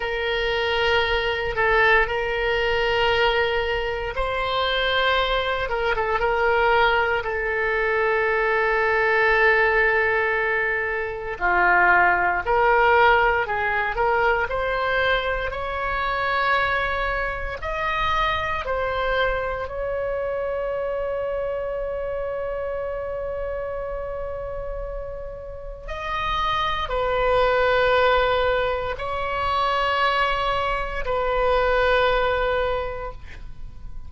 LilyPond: \new Staff \with { instrumentName = "oboe" } { \time 4/4 \tempo 4 = 58 ais'4. a'8 ais'2 | c''4. ais'16 a'16 ais'4 a'4~ | a'2. f'4 | ais'4 gis'8 ais'8 c''4 cis''4~ |
cis''4 dis''4 c''4 cis''4~ | cis''1~ | cis''4 dis''4 b'2 | cis''2 b'2 | }